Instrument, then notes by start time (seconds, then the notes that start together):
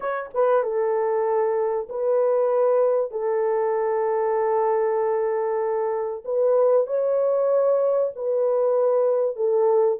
horn
0.00 C#5
0.34 B4
0.62 A4
1.89 B4
3.11 A4
6.24 B4
6.86 C#5
8.15 B4
9.36 A4